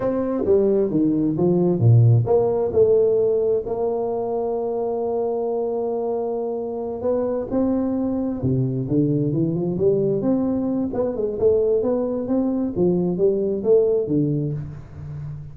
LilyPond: \new Staff \with { instrumentName = "tuba" } { \time 4/4 \tempo 4 = 132 c'4 g4 dis4 f4 | ais,4 ais4 a2 | ais1~ | ais2.~ ais8 b8~ |
b8 c'2 c4 d8~ | d8 e8 f8 g4 c'4. | b8 gis8 a4 b4 c'4 | f4 g4 a4 d4 | }